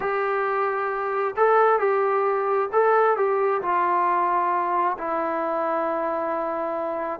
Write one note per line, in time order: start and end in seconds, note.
0.00 1.35 G4
1.36 1.79 A4
1.79 2.69 G4
2.72 3.16 A4
3.16 3.61 G4
3.62 4.97 F4
4.98 7.20 E4